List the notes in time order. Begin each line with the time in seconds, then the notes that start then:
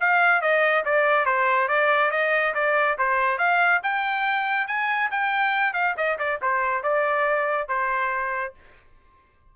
0.00 F5
0.41 D#5
0.85 D5
1.25 C5
1.68 D5
2.11 D#5
2.54 D5
2.98 C5
3.38 F5
3.83 G5
4.67 G#5
5.11 G5
5.74 F5
5.97 D#5
6.19 D5
6.42 C5
6.83 D5
7.68 C5